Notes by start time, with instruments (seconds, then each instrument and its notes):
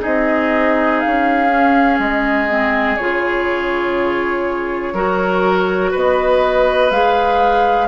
0.00 bassoon C4, clarinet D#4, oboe G#4, flute D#5
1.00 flute F5
1.06 bassoon C#4
1.49 clarinet C#4
1.99 bassoon G#3, flute D#5
2.49 clarinet C4
2.97 bassoon C#3, clarinet F4, flute C#5
4.93 bassoon F#3, clarinet F#4, oboe A#4
5.91 bassoon B3, oboe B4, flute D#5
6.91 bassoon G#3, clarinet G#4, flute F5